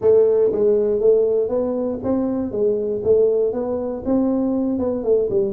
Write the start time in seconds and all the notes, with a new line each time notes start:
0.01 A3
0.52 G#3
1.00 A3
1.49 B3
2.03 C4
2.51 G#3
3.03 A3
3.52 B3
4.05 C4
4.79 B3
5.03 A3
5.29 G3